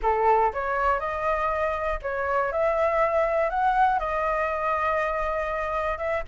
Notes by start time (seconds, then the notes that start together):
0.02 A4
0.53 C#5
0.99 D#5
2.02 C#5
2.52 E5
3.50 F#5
3.99 D#5
5.98 E5